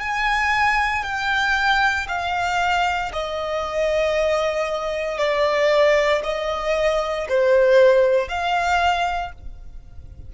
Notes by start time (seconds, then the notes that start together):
0.00 G#5
1.03 G5
2.08 F5
3.13 D#5
5.18 D5
6.24 D#5
7.29 C5
8.29 F5